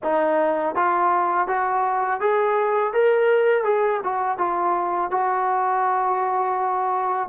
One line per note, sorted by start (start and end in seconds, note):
0.03 0.75 D#4
0.75 1.47 F4
1.47 2.20 F#4
2.20 2.93 G#4
2.93 3.64 A#4
3.64 4.00 G#4
4.03 4.37 F#4
4.37 5.10 F4
5.10 7.28 F#4